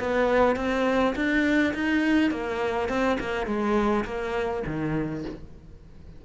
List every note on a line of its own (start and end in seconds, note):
0.00 0.56 B3
0.56 1.14 C4
1.16 1.74 D4
1.74 2.31 D#4
2.31 2.89 A#3
2.89 3.18 C4
3.20 3.46 A#3
3.46 4.05 G#3
4.05 4.63 A#3
4.67 5.25 D#3